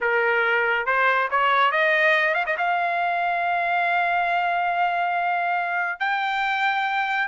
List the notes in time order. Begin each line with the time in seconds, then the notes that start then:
0.01 A#4
0.86 C5
1.30 C#5
1.71 D#5
2.34 F5
2.46 D#5
2.57 F5
5.99 G5